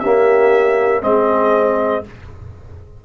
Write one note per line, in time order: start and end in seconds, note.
0.00 1.03 A#3
0.00 1.03 C#4
0.00 1.03 G4
0.00 1.02 E5
1.03 2.04 G#3
1.03 2.04 C4
1.03 2.04 G#4
1.03 2.05 D#5